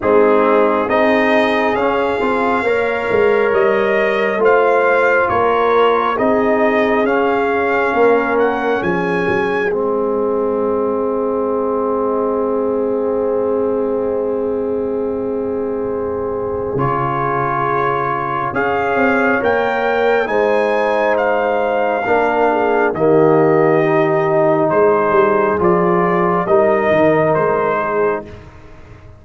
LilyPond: <<
  \new Staff \with { instrumentName = "trumpet" } { \time 4/4 \tempo 4 = 68 gis'4 dis''4 f''2 | dis''4 f''4 cis''4 dis''4 | f''4. fis''8 gis''4 dis''4~ | dis''1~ |
dis''2. cis''4~ | cis''4 f''4 g''4 gis''4 | f''2 dis''2 | c''4 d''4 dis''4 c''4 | }
  \new Staff \with { instrumentName = "horn" } { \time 4/4 dis'4 gis'2 cis''4~ | cis''4 c''4 ais'4 gis'4~ | gis'4 ais'4 gis'2~ | gis'1~ |
gis'1~ | gis'4 cis''2 c''4~ | c''4 ais'8 gis'8 g'2 | gis'2 ais'4. gis'8 | }
  \new Staff \with { instrumentName = "trombone" } { \time 4/4 c'4 dis'4 cis'8 f'8 ais'4~ | ais'4 f'2 dis'4 | cis'2. c'4~ | c'1~ |
c'2. f'4~ | f'4 gis'4 ais'4 dis'4~ | dis'4 d'4 ais4 dis'4~ | dis'4 f'4 dis'2 | }
  \new Staff \with { instrumentName = "tuba" } { \time 4/4 gis4 c'4 cis'8 c'8 ais8 gis8 | g4 a4 ais4 c'4 | cis'4 ais4 f8 fis8 gis4~ | gis1~ |
gis2. cis4~ | cis4 cis'8 c'8 ais4 gis4~ | gis4 ais4 dis2 | gis8 g8 f4 g8 dis8 gis4 | }
>>